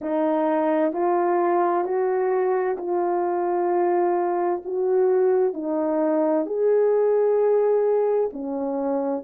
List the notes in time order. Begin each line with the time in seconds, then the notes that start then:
0.01 D#4
0.92 F4
1.84 F#4
2.77 F4
4.64 F#4
5.53 D#4
6.46 G#4
8.32 C#4